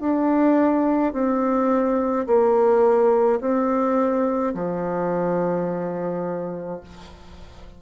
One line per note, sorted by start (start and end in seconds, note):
0.00 1.13 D4
1.13 2.26 C4
2.26 3.40 A#3
3.40 4.53 C4
4.54 6.80 F3